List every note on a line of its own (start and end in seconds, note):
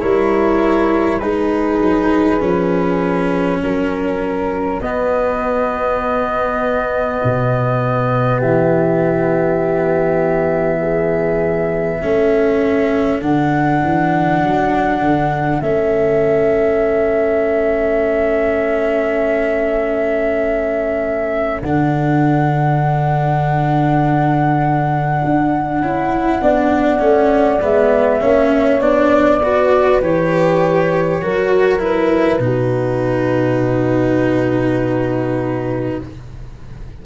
0.00 1.21 G3
0.00 1.20 E4
0.00 1.21 A#4
0.00 1.18 C#5
1.18 1.80 G#3
1.18 2.40 D#4
1.18 3.62 G#4
1.18 3.58 B4
1.80 2.41 F#3
2.40 3.61 F3
2.40 4.80 C#4
3.62 4.80 F#3
3.62 8.38 F#4
3.62 4.80 A#4
4.80 7.21 B3
4.80 12.02 B3
4.80 8.40 D#5
7.24 8.42 B2
8.38 12.02 E3
8.38 10.78 G4
8.38 13.21 E5
10.81 11.98 G#4
11.98 13.21 A3
11.98 13.21 C#4
11.98 26.39 A4
13.21 13.81 D3
13.21 15.62 D4
13.21 15.61 F#5
13.83 14.43 E3
14.43 15.00 F#3
15.00 15.60 D3
15.61 21.62 A3
15.61 21.62 C#4
15.61 21.61 E5
21.61 25.22 D3
21.61 25.82 D4
21.61 27.61 F#5
25.24 25.80 D4
25.80 26.41 C#4
25.80 26.42 E4
26.42 27.00 B3
26.42 26.99 D4
26.42 28.20 D5
26.99 27.60 A3
26.99 27.59 C#4
27.61 28.22 G#3
27.61 28.21 B3
27.61 28.81 E5
28.20 28.80 A#3
28.20 28.81 C#4
28.20 29.40 C#5
28.80 30.00 B3
28.80 29.41 D4
28.80 30.01 D5
29.43 30.02 F#4
29.43 31.23 B4
30.01 31.21 E3
30.01 31.22 G4
30.01 31.82 C#5
31.22 32.39 F#3
31.22 31.79 F#4
31.22 32.43 A#4
31.79 32.39 E4
31.79 36.03 B4
32.39 35.99 B2
32.39 35.99 D#4
32.45 36.05 F#4